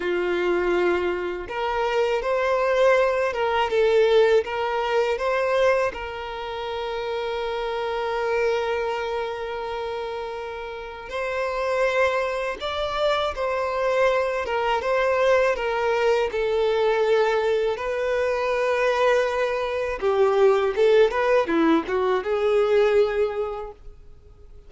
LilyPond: \new Staff \with { instrumentName = "violin" } { \time 4/4 \tempo 4 = 81 f'2 ais'4 c''4~ | c''8 ais'8 a'4 ais'4 c''4 | ais'1~ | ais'2. c''4~ |
c''4 d''4 c''4. ais'8 | c''4 ais'4 a'2 | b'2. g'4 | a'8 b'8 e'8 fis'8 gis'2 | }